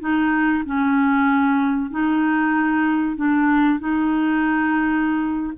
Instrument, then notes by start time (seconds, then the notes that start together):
clarinet
0.00 D#4
0.65 C#4
1.90 D#4
3.16 D4
3.79 D#4